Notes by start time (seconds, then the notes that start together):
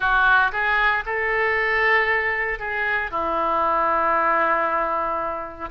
0.00 F#4
0.52 G#4
1.05 A4
2.59 G#4
3.11 E4